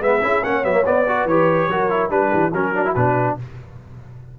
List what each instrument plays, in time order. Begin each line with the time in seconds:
0.00 tuba G#3, trombone B3, horn B4, trumpet E5
0.22 tuba C#4, trombone E4, horn G#4
0.44 tuba A#3, trombone C#4, horn C#5, trumpet F#5
0.64 tuba F#3, trombone B3, trumpet E5
0.73 trombone A#3
0.86 trombone B3, tuba B3, trumpet D5
1.07 trombone F#4, horn B4
1.25 tuba E3, trombone G4, trumpet C#5
1.69 tuba F#3, trombone F#4, horn A#4
1.90 trombone E4
2.10 tuba G3, trombone D4, trumpet B4, horn B4
2.30 tuba E3, horn G4
2.53 tuba F#3, trombone C#4, horn F#4, trumpet A#4
2.75 trombone D4
2.85 trombone E4
2.95 tuba B2, trombone D4, trumpet B4